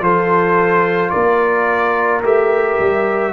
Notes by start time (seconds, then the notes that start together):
0.00 F3 F4 A4 C5
1.09 A#3 A#4 D5
2.22 A3 G4 E5
2.79 G3